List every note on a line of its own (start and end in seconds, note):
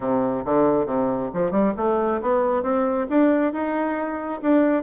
0.00 0.44 C3
0.45 0.86 D3
0.86 1.30 C3
1.33 1.51 F3
1.51 1.73 G3
1.76 2.21 A3
2.21 2.62 B3
2.62 3.07 C4
3.09 3.52 D4
3.52 4.41 D#4
4.42 4.83 D4